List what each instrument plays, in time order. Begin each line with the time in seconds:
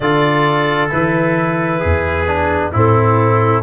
0.00 tuba D3, trombone F4, trumpet A4, clarinet D5
0.89 tuba E3, trombone E4, clarinet B4
1.79 tuba E2, trumpet G#4
2.27 trombone D4
2.72 tuba A2, trombone C4, trumpet E4, clarinet A4